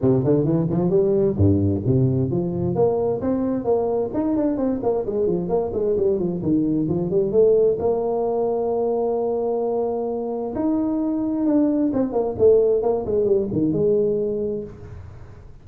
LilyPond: \new Staff \with { instrumentName = "tuba" } { \time 4/4 \tempo 4 = 131 c8 d8 e8 f8 g4 g,4 | c4 f4 ais4 c'4 | ais4 dis'8 d'8 c'8 ais8 gis8 f8 | ais8 gis8 g8 f8 dis4 f8 g8 |
a4 ais2.~ | ais2. dis'4~ | dis'4 d'4 c'8 ais8 a4 | ais8 gis8 g8 dis8 gis2 | }